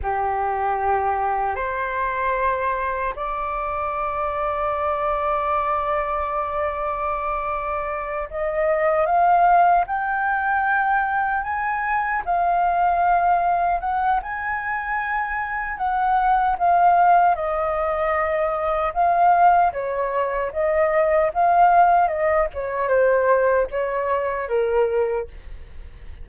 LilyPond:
\new Staff \with { instrumentName = "flute" } { \time 4/4 \tempo 4 = 76 g'2 c''2 | d''1~ | d''2~ d''8 dis''4 f''8~ | f''8 g''2 gis''4 f''8~ |
f''4. fis''8 gis''2 | fis''4 f''4 dis''2 | f''4 cis''4 dis''4 f''4 | dis''8 cis''8 c''4 cis''4 ais'4 | }